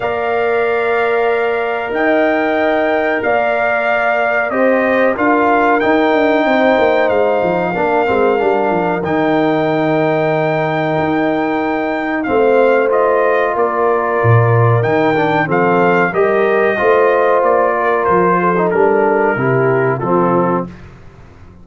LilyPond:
<<
  \new Staff \with { instrumentName = "trumpet" } { \time 4/4 \tempo 4 = 93 f''2. g''4~ | g''4 f''2 dis''4 | f''4 g''2 f''4~ | f''2 g''2~ |
g''2. f''4 | dis''4 d''2 g''4 | f''4 dis''2 d''4 | c''4 ais'2 a'4 | }
  \new Staff \with { instrumentName = "horn" } { \time 4/4 d''2. dis''4~ | dis''4 d''2 c''4 | ais'2 c''2 | ais'1~ |
ais'2. c''4~ | c''4 ais'2. | a'4 ais'4 c''4. ais'8~ | ais'8 a'4. g'4 f'4 | }
  \new Staff \with { instrumentName = "trombone" } { \time 4/4 ais'1~ | ais'2. g'4 | f'4 dis'2. | d'8 c'8 d'4 dis'2~ |
dis'2. c'4 | f'2. dis'8 d'8 | c'4 g'4 f'2~ | f'8. dis'16 d'4 e'4 c'4 | }
  \new Staff \with { instrumentName = "tuba" } { \time 4/4 ais2. dis'4~ | dis'4 ais2 c'4 | d'4 dis'8 d'8 c'8 ais8 gis8 f8 | ais8 gis8 g8 f8 dis2~ |
dis4 dis'2 a4~ | a4 ais4 ais,4 dis4 | f4 g4 a4 ais4 | f4 g4 c4 f4 | }
>>